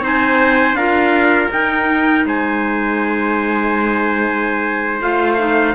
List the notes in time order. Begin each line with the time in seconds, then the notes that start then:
0.00 C4 D#4 C5
0.06 G#5
0.73 D4 F4 A#4 F5
1.51 D#4 G5
2.25 G#3 C5 G#5
5.01 A3 F4 F5
5.38 D#4